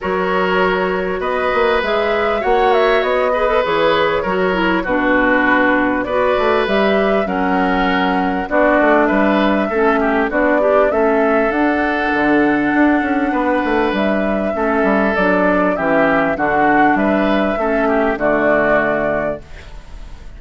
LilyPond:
<<
  \new Staff \with { instrumentName = "flute" } { \time 4/4 \tempo 4 = 99 cis''2 dis''4 e''4 | fis''8 e''8 dis''4 cis''2 | b'2 d''4 e''4 | fis''2 d''4 e''4~ |
e''4 d''4 e''4 fis''4~ | fis''2. e''4~ | e''4 d''4 e''4 fis''4 | e''2 d''2 | }
  \new Staff \with { instrumentName = "oboe" } { \time 4/4 ais'2 b'2 | cis''4. b'4. ais'4 | fis'2 b'2 | ais'2 fis'4 b'4 |
a'8 g'8 fis'8 d'8 a'2~ | a'2 b'2 | a'2 g'4 fis'4 | b'4 a'8 g'8 fis'2 | }
  \new Staff \with { instrumentName = "clarinet" } { \time 4/4 fis'2. gis'4 | fis'4. gis'16 a'16 gis'4 fis'8 e'8 | d'2 fis'4 g'4 | cis'2 d'2 |
cis'4 d'8 g'8 cis'4 d'4~ | d'1 | cis'4 d'4 cis'4 d'4~ | d'4 cis'4 a2 | }
  \new Staff \with { instrumentName = "bassoon" } { \time 4/4 fis2 b8 ais8 gis4 | ais4 b4 e4 fis4 | b,2 b8 a8 g4 | fis2 b8 a8 g4 |
a4 b4 a4 d'4 | d4 d'8 cis'8 b8 a8 g4 | a8 g8 fis4 e4 d4 | g4 a4 d2 | }
>>